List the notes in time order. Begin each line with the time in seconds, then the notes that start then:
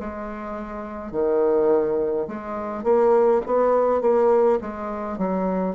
0.00 G#3
1.12 D#3
2.28 G#3
2.84 A#3
3.46 B3
4.02 A#3
4.61 G#3
5.18 F#3